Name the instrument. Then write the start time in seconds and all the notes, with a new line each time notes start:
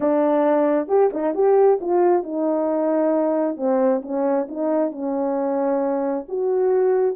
horn
0.00 D4
0.87 G4
1.13 D#4
1.34 G4
1.80 F4
2.23 D#4
3.56 C4
4.02 C#4
4.48 D#4
4.91 C#4
6.28 F#4